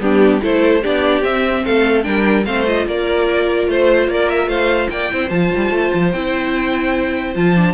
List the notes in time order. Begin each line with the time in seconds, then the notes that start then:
0.00 G3 B3 D4 G4
0.41 A3 E4 A4 C5
0.82 B3 D4 G4 D5
1.22 C4 E5
1.64 A3 A4 F5
2.03 G3 D4 A#4 G5
2.46 A3 C4 C5 F5
2.66 F4 D#5
2.87 A#3 A#4 D5
3.67 A3 C5
4.08 A#3 A#4 D5
4.30 E5
4.47 A3 C5 F5
4.90 A#3 D5 G5
5.10 C4 E4 C5
5.30 F3 F4 A5
5.55 G3
5.71 A3
5.94 F3
6.12 C4 E4 G5
7.35 F3 F4 A5
7.56 D4